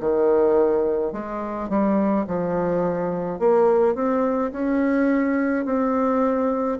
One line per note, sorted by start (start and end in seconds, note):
0.00 1.13 D#3
1.13 1.69 G#3
1.69 2.26 G3
2.27 3.40 F3
3.40 3.95 A#3
3.95 4.52 C4
4.52 5.66 C#4
5.66 6.79 C4